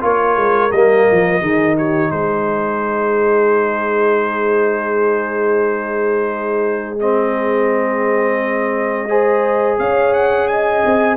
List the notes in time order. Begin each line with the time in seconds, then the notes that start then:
0.00 A#3 F4 A#4 C#5
0.36 G#3
0.71 G3 A#3 D#5
1.11 F3
1.40 D#3 D#4 G#4
1.76 G4 C#5
2.11 G#3 G#4 C5
6.99 C4 D#5
9.09 G#4 C5
9.78 C#4 C#5 F5
10.13 F#5
10.47 D#5 G#5
10.85 C4